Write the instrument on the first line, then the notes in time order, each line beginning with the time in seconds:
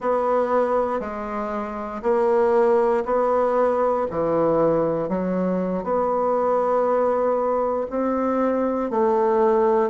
bassoon
0.00 B3
1.00 G#3
2.02 A#3
3.05 B3
4.10 E3
5.08 F#3
5.83 B3
7.90 C4
8.90 A3